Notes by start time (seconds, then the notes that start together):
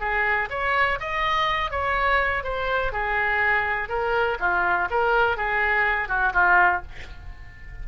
0.00 G#4
0.50 C#5
1.00 D#5
1.71 C#5
2.44 C5
2.92 G#4
3.89 A#4
4.40 F4
4.90 A#4
5.37 G#4
6.08 F#4
6.33 F4